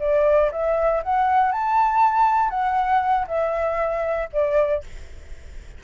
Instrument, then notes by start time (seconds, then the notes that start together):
flute
0.00 D5
0.52 E5
1.04 F#5
1.53 A5
2.50 F#5
3.28 E5
4.33 D5